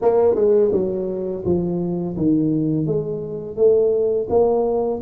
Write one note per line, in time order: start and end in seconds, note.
0.01 0.35 A#3
0.35 0.71 G#3
0.72 1.43 F#3
1.44 2.16 F3
2.16 2.86 D#3
2.86 3.56 G#3
3.56 4.27 A3
4.29 5.01 A#3